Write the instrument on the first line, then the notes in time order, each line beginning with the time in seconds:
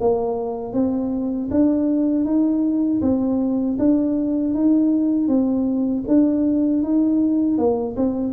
tuba
0.00 A#3
0.73 C4
1.51 D4
2.25 D#4
3.02 C4
3.79 D4
4.54 D#4
5.28 C4
6.08 D4
6.83 D#4
7.58 A#3
7.96 C4